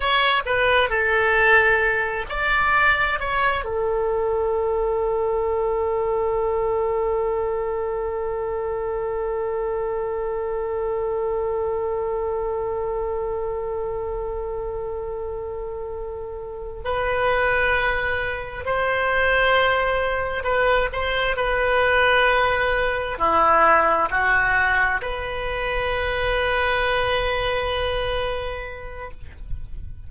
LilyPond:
\new Staff \with { instrumentName = "oboe" } { \time 4/4 \tempo 4 = 66 cis''8 b'8 a'4. d''4 cis''8 | a'1~ | a'1~ | a'1~ |
a'2~ a'8 b'4.~ | b'8 c''2 b'8 c''8 b'8~ | b'4. e'4 fis'4 b'8~ | b'1 | }